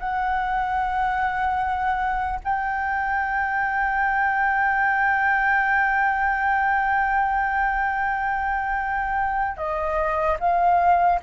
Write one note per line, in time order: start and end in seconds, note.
0.00 2.40 F#5
2.44 9.57 G5
9.57 10.37 D#5
10.40 11.20 F5